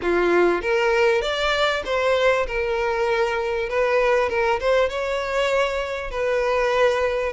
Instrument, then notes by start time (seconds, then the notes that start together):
violin
0.02 F4
0.61 A#4
1.21 D5
1.85 C5
2.47 A#4
3.69 B4
4.29 A#4
4.59 C5
4.89 C#5
6.11 B4